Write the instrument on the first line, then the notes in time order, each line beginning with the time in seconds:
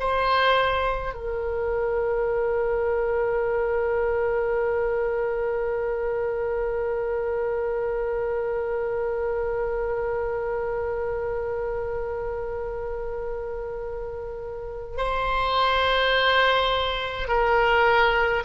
oboe
0.00 C5
1.14 A#4
14.97 C5
17.28 A#4